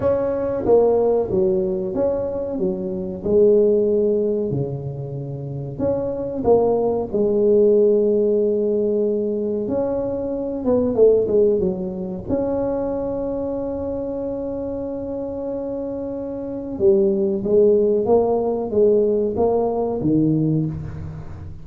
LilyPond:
\new Staff \with { instrumentName = "tuba" } { \time 4/4 \tempo 4 = 93 cis'4 ais4 fis4 cis'4 | fis4 gis2 cis4~ | cis4 cis'4 ais4 gis4~ | gis2. cis'4~ |
cis'8 b8 a8 gis8 fis4 cis'4~ | cis'1~ | cis'2 g4 gis4 | ais4 gis4 ais4 dis4 | }